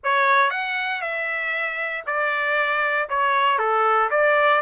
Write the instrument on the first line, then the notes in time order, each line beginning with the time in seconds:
trumpet
0.03 C#5
0.50 F#5
1.01 E5
2.06 D5
3.09 C#5
3.58 A4
4.10 D5